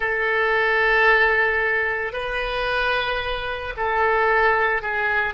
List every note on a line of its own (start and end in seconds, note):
0.00 2.12 A4
2.12 3.73 B4
3.76 4.82 A4
4.82 5.33 G#4